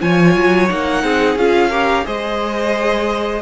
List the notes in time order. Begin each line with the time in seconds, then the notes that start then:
0.00 F3 F4 C#5 G#5
0.36 F#3
0.69 A#3 D#4 F#5
1.04 C4 G#4
1.36 C#4 F4 F5
1.70 G4 A#4
2.05 G#3 G#4 C5 D#5